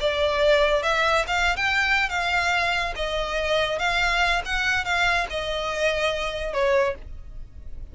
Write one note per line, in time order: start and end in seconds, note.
0.00 0.83 D5
0.83 1.25 E5
1.27 1.56 F5
1.56 2.09 G5
2.09 2.94 F5
2.96 3.79 D#5
3.79 4.42 F5
4.45 4.85 F#5
4.85 5.27 F5
5.30 6.53 D#5
6.53 6.95 C#5